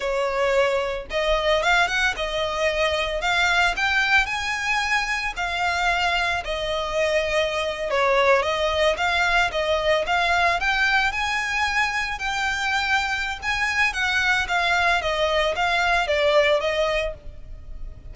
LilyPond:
\new Staff \with { instrumentName = "violin" } { \time 4/4 \tempo 4 = 112 cis''2 dis''4 f''8 fis''8 | dis''2 f''4 g''4 | gis''2 f''2 | dis''2~ dis''8. cis''4 dis''16~ |
dis''8. f''4 dis''4 f''4 g''16~ | g''8. gis''2 g''4~ g''16~ | g''4 gis''4 fis''4 f''4 | dis''4 f''4 d''4 dis''4 | }